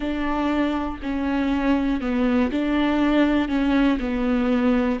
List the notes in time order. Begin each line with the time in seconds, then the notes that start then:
0.00 D4
1.02 C#4
2.00 B3
2.51 D4
3.48 C#4
3.99 B3